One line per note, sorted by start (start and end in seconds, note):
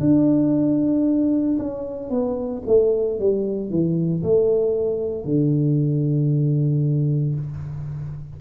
0.00 1.58 D4
1.58 2.10 C#4
2.10 2.63 B3
2.67 3.19 A3
3.19 3.70 G3
3.70 4.22 E3
4.23 5.24 A3
5.24 7.35 D3